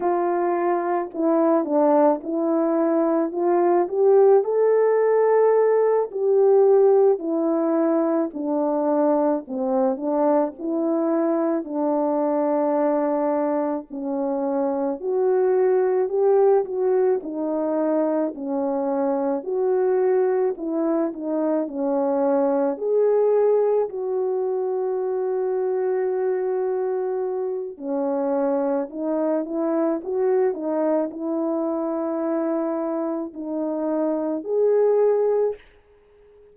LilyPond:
\new Staff \with { instrumentName = "horn" } { \time 4/4 \tempo 4 = 54 f'4 e'8 d'8 e'4 f'8 g'8 | a'4. g'4 e'4 d'8~ | d'8 c'8 d'8 e'4 d'4.~ | d'8 cis'4 fis'4 g'8 fis'8 dis'8~ |
dis'8 cis'4 fis'4 e'8 dis'8 cis'8~ | cis'8 gis'4 fis'2~ fis'8~ | fis'4 cis'4 dis'8 e'8 fis'8 dis'8 | e'2 dis'4 gis'4 | }